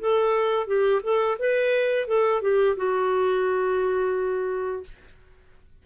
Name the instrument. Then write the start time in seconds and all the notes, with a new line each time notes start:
clarinet
0.00 A4
0.67 G4
1.03 A4
1.39 B4
2.08 A4
2.42 G4
2.77 F#4